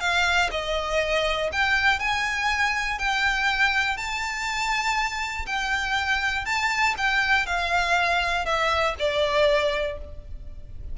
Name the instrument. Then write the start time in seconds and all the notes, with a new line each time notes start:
violin
0.00 F5
0.51 D#5
1.52 G5
1.99 G#5
2.98 G5
3.97 A5
5.46 G5
6.45 A5
6.97 G5
7.46 F5
8.45 E5
8.99 D5